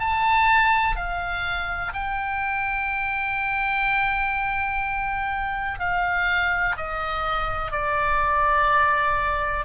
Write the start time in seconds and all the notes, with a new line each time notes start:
0.00 A5
0.97 F5
1.94 G5
5.80 F5
6.77 D#5
7.72 D5